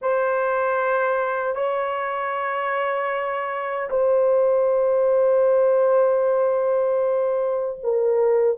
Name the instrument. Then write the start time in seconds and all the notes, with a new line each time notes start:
horn
0.01 C5
1.55 C#5
3.90 C5
7.83 A#4